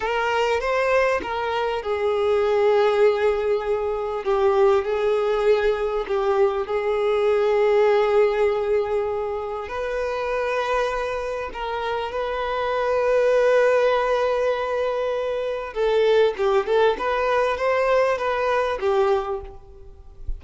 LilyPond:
\new Staff \with { instrumentName = "violin" } { \time 4/4 \tempo 4 = 99 ais'4 c''4 ais'4 gis'4~ | gis'2. g'4 | gis'2 g'4 gis'4~ | gis'1 |
b'2. ais'4 | b'1~ | b'2 a'4 g'8 a'8 | b'4 c''4 b'4 g'4 | }